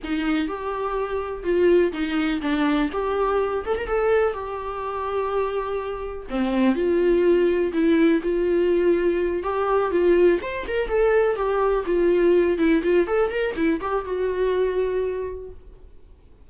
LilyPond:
\new Staff \with { instrumentName = "viola" } { \time 4/4 \tempo 4 = 124 dis'4 g'2 f'4 | dis'4 d'4 g'4. a'16 ais'16 | a'4 g'2.~ | g'4 c'4 f'2 |
e'4 f'2~ f'8 g'8~ | g'8 f'4 c''8 ais'8 a'4 g'8~ | g'8 f'4. e'8 f'8 a'8 ais'8 | e'8 g'8 fis'2. | }